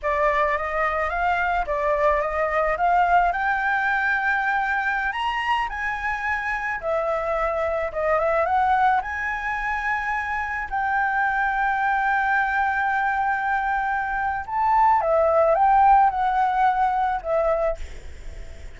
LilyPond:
\new Staff \with { instrumentName = "flute" } { \time 4/4 \tempo 4 = 108 d''4 dis''4 f''4 d''4 | dis''4 f''4 g''2~ | g''4~ g''16 ais''4 gis''4.~ gis''16~ | gis''16 e''2 dis''8 e''8 fis''8.~ |
fis''16 gis''2. g''8.~ | g''1~ | g''2 a''4 e''4 | g''4 fis''2 e''4 | }